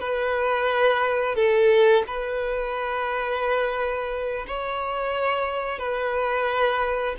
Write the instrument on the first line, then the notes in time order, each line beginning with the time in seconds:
violin
0.00 B4
1.35 A4
2.07 B4
4.47 C#5
5.79 B4